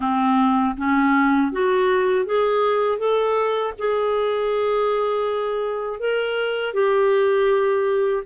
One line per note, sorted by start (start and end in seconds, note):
0.00 0.75 C4
0.77 1.52 C#4
1.52 2.25 F#4
2.25 2.98 G#4
2.98 3.73 A4
3.78 5.99 G#4
5.99 6.73 A#4
6.73 8.23 G4